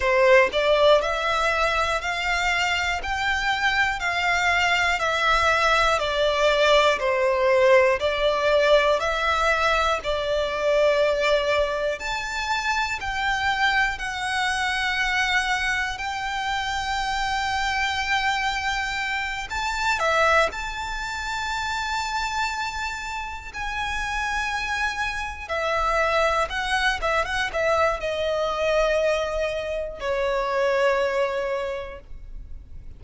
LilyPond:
\new Staff \with { instrumentName = "violin" } { \time 4/4 \tempo 4 = 60 c''8 d''8 e''4 f''4 g''4 | f''4 e''4 d''4 c''4 | d''4 e''4 d''2 | a''4 g''4 fis''2 |
g''2.~ g''8 a''8 | e''8 a''2. gis''8~ | gis''4. e''4 fis''8 e''16 fis''16 e''8 | dis''2 cis''2 | }